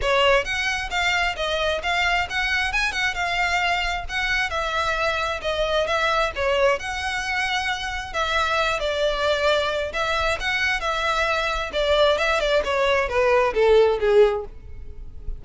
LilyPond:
\new Staff \with { instrumentName = "violin" } { \time 4/4 \tempo 4 = 133 cis''4 fis''4 f''4 dis''4 | f''4 fis''4 gis''8 fis''8 f''4~ | f''4 fis''4 e''2 | dis''4 e''4 cis''4 fis''4~ |
fis''2 e''4. d''8~ | d''2 e''4 fis''4 | e''2 d''4 e''8 d''8 | cis''4 b'4 a'4 gis'4 | }